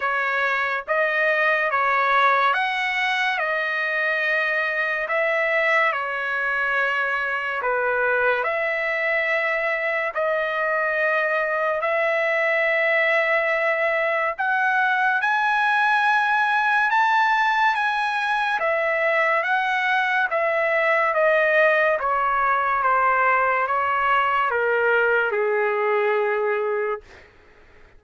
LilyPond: \new Staff \with { instrumentName = "trumpet" } { \time 4/4 \tempo 4 = 71 cis''4 dis''4 cis''4 fis''4 | dis''2 e''4 cis''4~ | cis''4 b'4 e''2 | dis''2 e''2~ |
e''4 fis''4 gis''2 | a''4 gis''4 e''4 fis''4 | e''4 dis''4 cis''4 c''4 | cis''4 ais'4 gis'2 | }